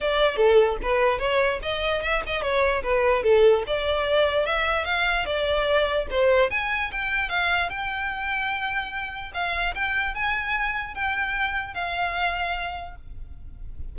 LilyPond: \new Staff \with { instrumentName = "violin" } { \time 4/4 \tempo 4 = 148 d''4 a'4 b'4 cis''4 | dis''4 e''8 dis''8 cis''4 b'4 | a'4 d''2 e''4 | f''4 d''2 c''4 |
gis''4 g''4 f''4 g''4~ | g''2. f''4 | g''4 gis''2 g''4~ | g''4 f''2. | }